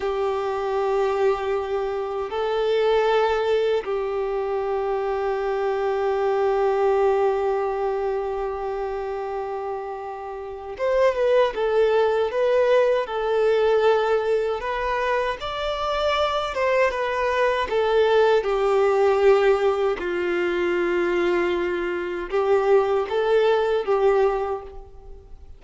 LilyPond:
\new Staff \with { instrumentName = "violin" } { \time 4/4 \tempo 4 = 78 g'2. a'4~ | a'4 g'2.~ | g'1~ | g'2 c''8 b'8 a'4 |
b'4 a'2 b'4 | d''4. c''8 b'4 a'4 | g'2 f'2~ | f'4 g'4 a'4 g'4 | }